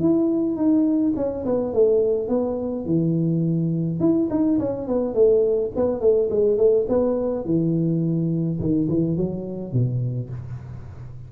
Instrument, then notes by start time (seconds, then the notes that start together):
tuba
0.00 E4
0.56 D#4
1.17 C#4
1.45 B3
1.74 A3
2.29 B3
2.85 E3
4.00 E4
4.30 D#4
4.59 C#4
4.88 B3
5.14 A3
5.76 B3
6.01 A3
6.30 G#3
6.58 A3
6.89 B3
7.45 E3
8.60 D#3
8.89 E3
9.17 F#3
9.73 B2